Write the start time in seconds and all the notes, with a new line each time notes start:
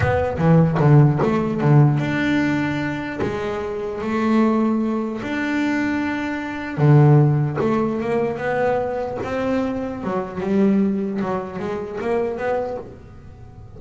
0.00 B3
0.38 E3
0.79 D3
1.22 A3
1.61 D3
1.99 D4
3.21 G#3
4.01 A3
5.22 D4
6.77 D3
7.61 A3
8.00 A#3
8.37 B3
9.23 C4
10.03 F#3
10.40 G3
11.21 F#3
11.59 G#3
12.00 A#3
12.37 B3